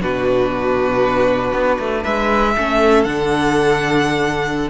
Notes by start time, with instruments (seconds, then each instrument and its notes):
0.00 cello B2, viola D4, violin F#4 B4
1.52 cello B3
1.79 cello A3
2.02 cello G#3, violin B4 E5
2.56 cello A3, viola C#4, violin A4
3.03 cello D3, viola D4, violin F#5